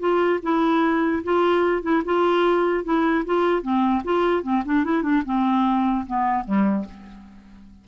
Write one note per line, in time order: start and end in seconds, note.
0.00 0.40 F4
0.43 1.23 E4
1.24 1.83 F4
1.83 2.03 E4
2.05 2.85 F4
2.85 3.25 E4
3.26 3.62 F4
3.62 4.03 C4
4.05 4.43 F4
4.43 4.64 C4
4.66 4.85 D4
4.85 5.03 E4
5.03 5.23 D4
5.26 6.06 C4
6.07 6.45 B3
6.45 6.85 G3